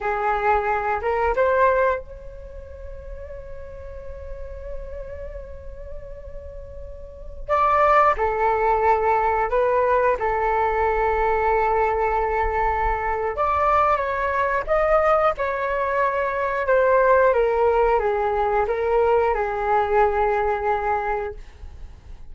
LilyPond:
\new Staff \with { instrumentName = "flute" } { \time 4/4 \tempo 4 = 90 gis'4. ais'8 c''4 cis''4~ | cis''1~ | cis''2.~ cis''16 d''8.~ | d''16 a'2 b'4 a'8.~ |
a'1 | d''4 cis''4 dis''4 cis''4~ | cis''4 c''4 ais'4 gis'4 | ais'4 gis'2. | }